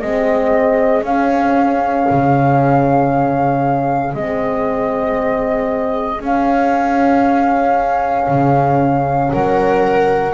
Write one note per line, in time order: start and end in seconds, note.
0.00 1.03 G#3
0.00 1.05 C4
0.00 9.31 G#4
0.00 1.04 D#5
1.03 2.06 C#4
1.03 4.15 C#4
1.03 4.15 F5
2.10 4.14 C#3
4.14 6.21 G#3
4.14 6.19 C4
4.14 6.22 D#5
6.19 10.33 C#4
6.19 8.28 C#4
6.19 9.33 F5
8.28 9.31 C#3
9.33 10.34 F#3
9.33 10.34 A#4
9.33 10.34 F#5